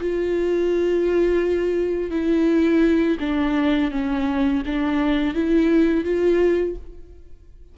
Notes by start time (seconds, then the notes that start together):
0.00 F4
2.11 E4
3.20 D4
3.91 C#4
4.66 D4
5.34 E4
6.04 F4